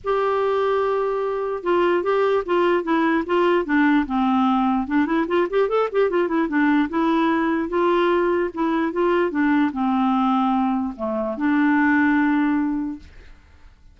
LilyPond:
\new Staff \with { instrumentName = "clarinet" } { \time 4/4 \tempo 4 = 148 g'1 | f'4 g'4 f'4 e'4 | f'4 d'4 c'2 | d'8 e'8 f'8 g'8 a'8 g'8 f'8 e'8 |
d'4 e'2 f'4~ | f'4 e'4 f'4 d'4 | c'2. a4 | d'1 | }